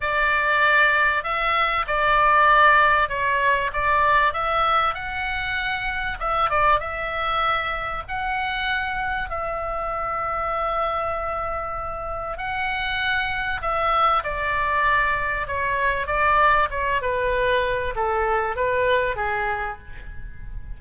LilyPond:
\new Staff \with { instrumentName = "oboe" } { \time 4/4 \tempo 4 = 97 d''2 e''4 d''4~ | d''4 cis''4 d''4 e''4 | fis''2 e''8 d''8 e''4~ | e''4 fis''2 e''4~ |
e''1 | fis''2 e''4 d''4~ | d''4 cis''4 d''4 cis''8 b'8~ | b'4 a'4 b'4 gis'4 | }